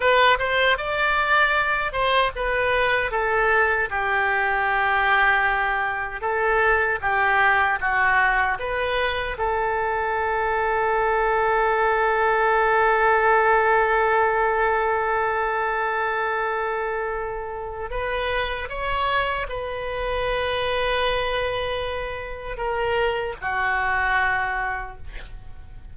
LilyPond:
\new Staff \with { instrumentName = "oboe" } { \time 4/4 \tempo 4 = 77 b'8 c''8 d''4. c''8 b'4 | a'4 g'2. | a'4 g'4 fis'4 b'4 | a'1~ |
a'1~ | a'2. b'4 | cis''4 b'2.~ | b'4 ais'4 fis'2 | }